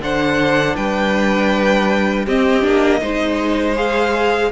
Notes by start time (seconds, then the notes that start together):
0.00 D3 D4 C5 F#5
0.76 G3 B4 G5
2.25 C4 G4 D#5
2.62 A#3 D4
3.01 G#3 D#4 C5
3.76 G#4 F5